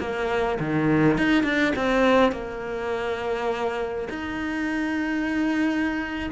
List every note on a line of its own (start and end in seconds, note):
0.00 0.59 A#3
0.59 1.18 D#3
1.18 1.44 D#4
1.44 1.73 D4
1.76 2.32 C4
2.32 4.08 A#3
4.09 6.30 D#4